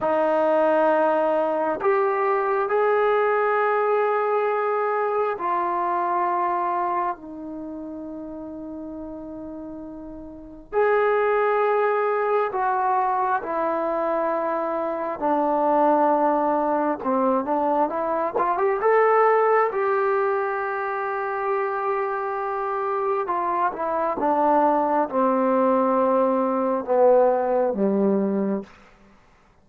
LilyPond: \new Staff \with { instrumentName = "trombone" } { \time 4/4 \tempo 4 = 67 dis'2 g'4 gis'4~ | gis'2 f'2 | dis'1 | gis'2 fis'4 e'4~ |
e'4 d'2 c'8 d'8 | e'8 f'16 g'16 a'4 g'2~ | g'2 f'8 e'8 d'4 | c'2 b4 g4 | }